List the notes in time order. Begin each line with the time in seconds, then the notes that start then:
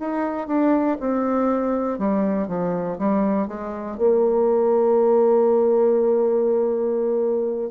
0.00 D#4
0.48 D4
1.00 C4
1.99 G3
2.48 F3
2.99 G3
3.48 G#3
3.98 A#3